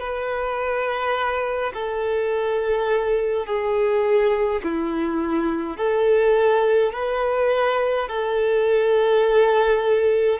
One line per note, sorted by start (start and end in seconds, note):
0.00 1.73 B4
1.74 3.47 A4
3.47 4.62 G#4
4.63 5.77 E4
5.77 6.93 A4
6.93 8.08 B4
8.08 10.39 A4